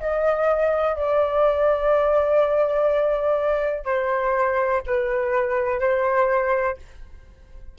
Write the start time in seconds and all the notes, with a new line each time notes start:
0.00 D#5
0.96 D5
3.85 C5
4.87 B4
5.81 C5